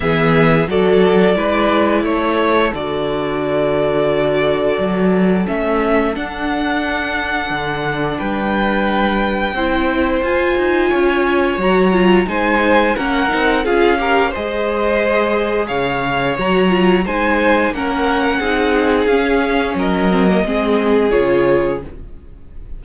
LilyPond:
<<
  \new Staff \with { instrumentName = "violin" } { \time 4/4 \tempo 4 = 88 e''4 d''2 cis''4 | d''1 | e''4 fis''2. | g''2. gis''4~ |
gis''4 ais''4 gis''4 fis''4 | f''4 dis''2 f''4 | ais''4 gis''4 fis''2 | f''4 dis''2 cis''4 | }
  \new Staff \with { instrumentName = "violin" } { \time 4/4 gis'4 a'4 b'4 a'4~ | a'1~ | a'1 | b'2 c''2 |
cis''2 c''4 ais'4 | gis'8 ais'8 c''2 cis''4~ | cis''4 c''4 ais'4 gis'4~ | gis'4 ais'4 gis'2 | }
  \new Staff \with { instrumentName = "viola" } { \time 4/4 b4 fis'4 e'2 | fis'1 | cis'4 d'2.~ | d'2 e'4 f'4~ |
f'4 fis'8 f'8 dis'4 cis'8 dis'8 | f'8 g'8 gis'2. | fis'8 f'8 dis'4 cis'4 dis'4 | cis'4. c'16 ais16 c'4 f'4 | }
  \new Staff \with { instrumentName = "cello" } { \time 4/4 e4 fis4 gis4 a4 | d2. fis4 | a4 d'2 d4 | g2 c'4 f'8 dis'8 |
cis'4 fis4 gis4 ais8 c'8 | cis'4 gis2 cis4 | fis4 gis4 ais4 c'4 | cis'4 fis4 gis4 cis4 | }
>>